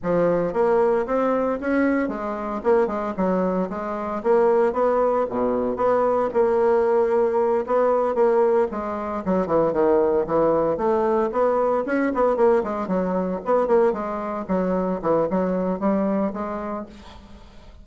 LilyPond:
\new Staff \with { instrumentName = "bassoon" } { \time 4/4 \tempo 4 = 114 f4 ais4 c'4 cis'4 | gis4 ais8 gis8 fis4 gis4 | ais4 b4 b,4 b4 | ais2~ ais8 b4 ais8~ |
ais8 gis4 fis8 e8 dis4 e8~ | e8 a4 b4 cis'8 b8 ais8 | gis8 fis4 b8 ais8 gis4 fis8~ | fis8 e8 fis4 g4 gis4 | }